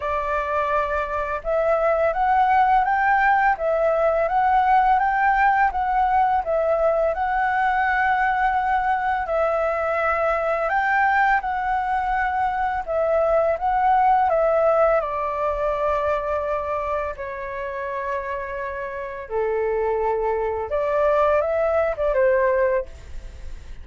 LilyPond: \new Staff \with { instrumentName = "flute" } { \time 4/4 \tempo 4 = 84 d''2 e''4 fis''4 | g''4 e''4 fis''4 g''4 | fis''4 e''4 fis''2~ | fis''4 e''2 g''4 |
fis''2 e''4 fis''4 | e''4 d''2. | cis''2. a'4~ | a'4 d''4 e''8. d''16 c''4 | }